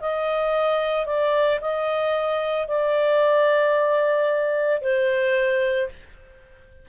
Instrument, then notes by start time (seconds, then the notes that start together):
clarinet
0.00 D#5
1.06 D5
1.61 D#5
2.68 D5
4.82 C5